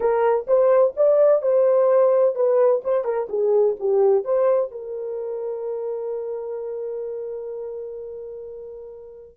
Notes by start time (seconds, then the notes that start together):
0.00 A#4
0.47 C5
0.96 D5
1.42 C5
2.35 B4
2.84 C5
3.04 A#4
3.29 G#4
3.79 G4
4.24 C5
4.71 A#4